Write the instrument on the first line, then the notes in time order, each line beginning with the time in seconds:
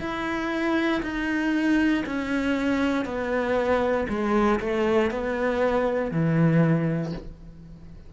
cello
0.00 E4
1.03 D#4
2.06 C#4
3.05 B3
4.09 G#3
4.60 A3
5.11 B3
6.11 E3